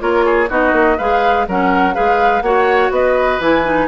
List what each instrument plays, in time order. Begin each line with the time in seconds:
0.00 bassoon A#3, clarinet F4, oboe A#4, flute C#5
0.25 oboe G#4
0.49 bassoon B3, clarinet D#4, oboe F#4, flute D#5
0.72 bassoon A#3
0.98 bassoon G#3, clarinet G#4, oboe B4, flute F5
1.48 bassoon F#3, clarinet C#4, oboe A#4, flute F#5
1.94 bassoon G#3, clarinet G#4, oboe B4, flute F5
2.42 bassoon A#3, clarinet F#4, oboe C#5, flute F#5
2.90 bassoon B3, oboe B4, flute D#5
3.40 bassoon E3, clarinet E4, flute G#5
3.65 clarinet D#4